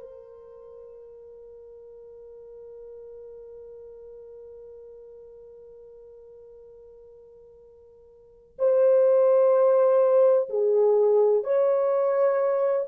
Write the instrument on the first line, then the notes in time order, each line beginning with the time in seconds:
horn
0.00 A#4
8.59 C5
10.50 G#4
11.45 C#5